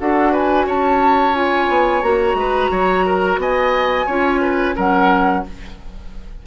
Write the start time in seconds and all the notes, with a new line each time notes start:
0.00 D4 F#4 A4 F#5
0.32 B4 G#5
0.66 C#4 C#5 A5
1.34 F4 G#5
1.69 B3
2.03 A#3 F#4 A#5
2.35 G#3 B4
2.71 F#3 C#5
3.06 A#4
3.38 B3 D#5 G#5
4.07 C#4 F4 C#5
4.41 B4
4.76 F#3 C#4 A#4 F#5